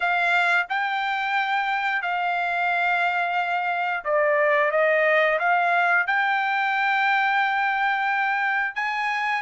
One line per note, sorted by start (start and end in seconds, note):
0.00 0.66 F5
0.69 2.01 G5
2.01 4.04 F5
4.04 4.71 D5
4.71 5.38 D#5
5.39 6.06 F5
6.06 8.75 G5
8.75 9.42 G#5